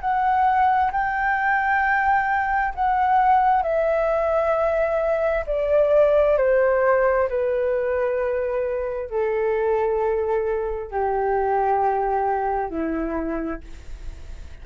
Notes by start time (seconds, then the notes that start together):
0.00 F#5
0.91 G5
2.74 F#5
3.62 E5
5.46 D5
6.37 C5
7.29 B4
9.10 A4
10.91 G4
12.70 E4